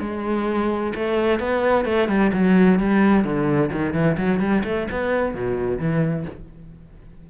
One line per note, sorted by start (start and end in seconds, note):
0.00 0.93 G#3
0.95 1.39 A3
1.39 1.85 B3
1.85 2.08 A3
2.08 2.31 G3
2.33 2.79 F#3
2.79 3.24 G3
3.24 3.70 D3
3.71 3.93 D#3
3.93 4.16 E3
4.17 4.39 F#3
4.39 4.63 G3
4.64 4.87 A3
4.91 5.34 B3
5.34 5.78 B2
5.78 6.25 E3